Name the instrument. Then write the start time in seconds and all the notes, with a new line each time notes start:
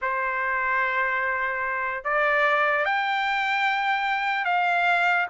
trumpet
0.01 C5
2.04 D5
2.85 G5
4.44 F5